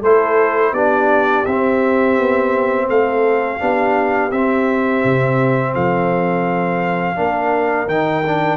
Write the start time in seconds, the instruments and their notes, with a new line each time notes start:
0.00 tuba A3, trombone E4, horn A4, trumpet C5
0.72 tuba B3, trombone D4, horn G4, trumpet D5
1.45 tuba C4, trombone C4, trumpet E5
2.18 tuba B3
2.88 tuba A3, horn A4, trumpet F5
3.59 tuba B3, trombone D4, horn G4
4.31 tuba C4, trombone C4, trumpet E5
5.04 tuba C3
5.74 tuba F3, horn A4, trumpet F5
7.15 tuba A#3, trombone D4, horn A#4
7.86 tuba D#3, trombone D#4, trumpet G5
8.26 trombone D4